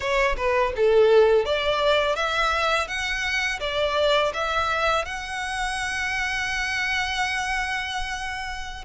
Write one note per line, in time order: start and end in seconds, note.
0.00 0.36 C#5
0.36 0.72 B4
0.76 1.45 A4
1.45 2.15 D5
2.15 2.87 E5
2.87 3.59 F#5
3.60 4.32 D5
4.33 5.05 E5
5.05 8.85 F#5